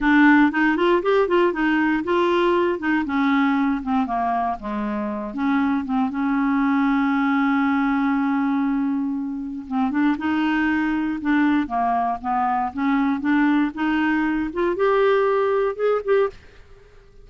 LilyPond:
\new Staff \with { instrumentName = "clarinet" } { \time 4/4 \tempo 4 = 118 d'4 dis'8 f'8 g'8 f'8 dis'4 | f'4. dis'8 cis'4. c'8 | ais4 gis4. cis'4 c'8 | cis'1~ |
cis'2. c'8 d'8 | dis'2 d'4 ais4 | b4 cis'4 d'4 dis'4~ | dis'8 f'8 g'2 gis'8 g'8 | }